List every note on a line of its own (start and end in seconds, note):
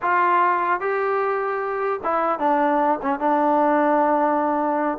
0.02 0.80 F4
0.80 2.00 G4
2.03 2.39 E4
2.39 2.99 D4
3.01 3.19 C#4
3.19 4.98 D4